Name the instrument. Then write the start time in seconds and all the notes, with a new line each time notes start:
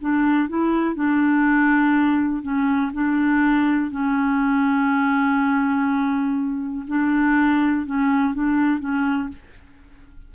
clarinet
0.00 D4
0.49 E4
0.95 D4
2.42 C#4
2.93 D4
3.91 C#4
6.87 D4
7.86 C#4
8.34 D4
8.79 C#4